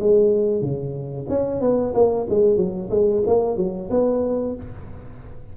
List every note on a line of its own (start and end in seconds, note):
0.00 0.62 G#3
0.62 1.27 C#3
1.29 1.61 C#4
1.61 1.94 B3
1.94 2.27 A#3
2.30 2.57 G#3
2.57 2.90 F#3
2.91 3.23 G#3
3.27 3.57 A#3
3.57 3.90 F#3
3.91 4.56 B3